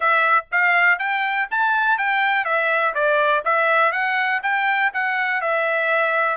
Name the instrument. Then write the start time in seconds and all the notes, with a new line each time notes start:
trumpet
0.00 E5
0.51 F5
0.98 G5
1.50 A5
1.98 G5
2.44 E5
2.94 D5
3.44 E5
3.92 F#5
4.43 G5
4.93 F#5
5.41 E5